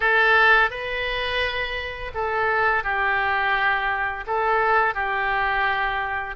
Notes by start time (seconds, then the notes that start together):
0.00 A4
0.70 B4
2.14 A4
2.83 G4
4.26 A4
4.94 G4